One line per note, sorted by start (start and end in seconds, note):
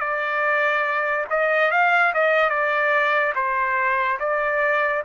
0.00 1.25 D5
1.30 1.71 D#5
1.71 2.13 F5
2.14 2.50 D#5
2.50 3.33 D5
3.35 4.18 C5
4.20 5.03 D5